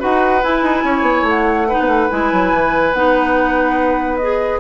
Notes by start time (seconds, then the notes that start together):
0.00 D#4 F#4 B4 F#5
0.42 E4 G#5
0.62 D#4
0.84 C#4 C#5
1.02 B3
1.23 A3
1.29 F#5
1.69 D#4 B4
1.80 B3
1.88 A3
2.10 G#3 E4 G#5
2.33 F#3
2.53 E3
2.93 B3 D#4 F#5
4.17 G#4 D#5